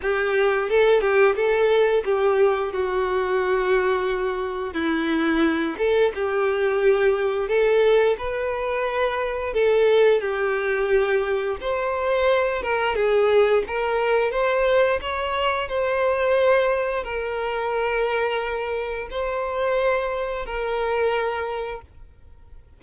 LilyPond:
\new Staff \with { instrumentName = "violin" } { \time 4/4 \tempo 4 = 88 g'4 a'8 g'8 a'4 g'4 | fis'2. e'4~ | e'8 a'8 g'2 a'4 | b'2 a'4 g'4~ |
g'4 c''4. ais'8 gis'4 | ais'4 c''4 cis''4 c''4~ | c''4 ais'2. | c''2 ais'2 | }